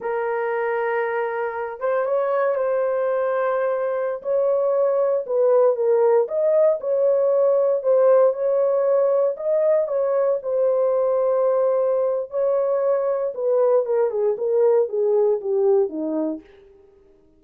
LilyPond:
\new Staff \with { instrumentName = "horn" } { \time 4/4 \tempo 4 = 117 ais'2.~ ais'8 c''8 | cis''4 c''2.~ | c''16 cis''2 b'4 ais'8.~ | ais'16 dis''4 cis''2 c''8.~ |
c''16 cis''2 dis''4 cis''8.~ | cis''16 c''2.~ c''8. | cis''2 b'4 ais'8 gis'8 | ais'4 gis'4 g'4 dis'4 | }